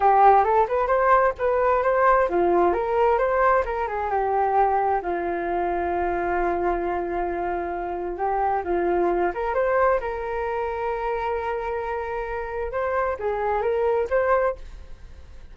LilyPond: \new Staff \with { instrumentName = "flute" } { \time 4/4 \tempo 4 = 132 g'4 a'8 b'8 c''4 b'4 | c''4 f'4 ais'4 c''4 | ais'8 gis'8 g'2 f'4~ | f'1~ |
f'2 g'4 f'4~ | f'8 ais'8 c''4 ais'2~ | ais'1 | c''4 gis'4 ais'4 c''4 | }